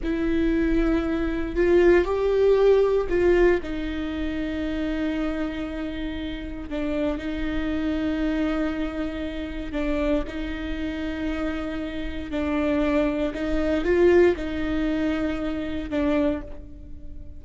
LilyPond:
\new Staff \with { instrumentName = "viola" } { \time 4/4 \tempo 4 = 117 e'2. f'4 | g'2 f'4 dis'4~ | dis'1~ | dis'4 d'4 dis'2~ |
dis'2. d'4 | dis'1 | d'2 dis'4 f'4 | dis'2. d'4 | }